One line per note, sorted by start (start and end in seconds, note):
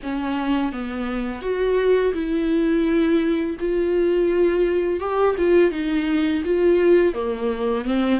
0.02 0.72 C#4
0.72 1.41 B3
1.41 2.13 F#4
2.13 3.56 E4
3.59 4.99 F4
4.99 5.35 G4
5.38 5.71 F4
5.71 6.43 D#4
6.44 7.14 F4
7.14 7.84 A#3
7.84 8.19 C4